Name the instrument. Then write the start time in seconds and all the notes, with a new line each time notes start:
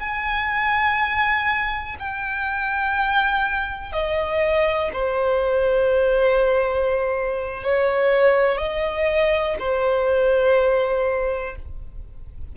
violin
0.00 G#5
1.99 G5
3.93 D#5
4.93 C5
7.63 C#5
8.58 D#5
9.59 C5